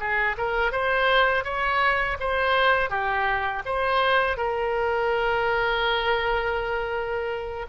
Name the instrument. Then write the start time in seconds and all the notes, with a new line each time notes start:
oboe
0.00 G#4
0.38 A#4
0.72 C5
1.44 C#5
2.20 C5
2.90 G4
3.66 C5
4.37 A#4